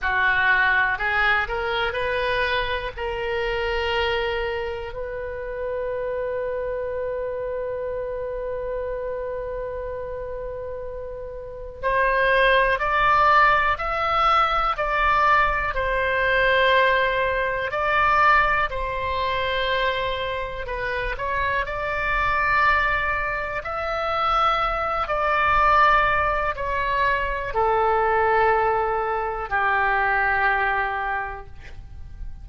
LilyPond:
\new Staff \with { instrumentName = "oboe" } { \time 4/4 \tempo 4 = 61 fis'4 gis'8 ais'8 b'4 ais'4~ | ais'4 b'2.~ | b'1 | c''4 d''4 e''4 d''4 |
c''2 d''4 c''4~ | c''4 b'8 cis''8 d''2 | e''4. d''4. cis''4 | a'2 g'2 | }